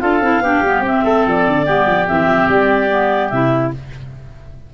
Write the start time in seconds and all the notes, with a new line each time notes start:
0.00 D4 F4 A4 F5
0.21 C4 E4
0.40 B3 D4 G4
0.61 G3 B3
0.80 C4
0.87 E5
1.04 A3 A4
1.27 F3 D5
1.47 D3
1.65 G3 B3 G4
1.86 F3
2.07 E3 C4 E5
2.26 F3
2.48 G3 D5
2.89 B3
3.29 C3 E4 E5